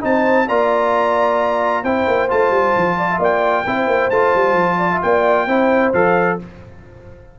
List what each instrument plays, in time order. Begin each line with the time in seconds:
0.00 tuba C4, trombone D#4, horn C5, trumpet A5
0.47 tuba A#3, trombone F4, horn D5, trumpet A#5
1.83 tuba C4, trombone E4, horn C5, trumpet G5
2.07 tuba A#3
2.29 tuba A3, trombone F4, trumpet A5
2.50 tuba G3
2.76 tuba F3
2.97 horn D5
3.11 horn E5
3.18 tuba A#3, horn D5, trumpet G5
3.66 tuba C4, trombone E4, horn C5
3.86 tuba A#3
4.10 tuba A3, trombone F4, trumpet A5
4.34 tuba G3
4.53 tuba F3
4.78 horn D5
4.91 horn E5
5.01 tuba A#3, horn D5, trumpet G5
5.46 tuba C4, trombone E4, horn C5
5.93 tuba F3, trombone A4, trumpet F5